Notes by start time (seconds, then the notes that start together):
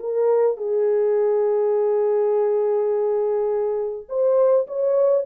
0.00 A#4
0.57 G#4
4.09 C5
4.68 C#5